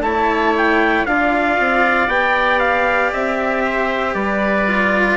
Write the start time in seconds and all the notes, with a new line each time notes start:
0.00 A3 E4 C#5 A5
0.57 G5
1.06 D4 F4 D5 F5
1.59 C4
2.08 B3 G4 G5
2.59 F5
3.13 C4 E5
3.64 C5
4.14 G3 B4 D5
4.67 F4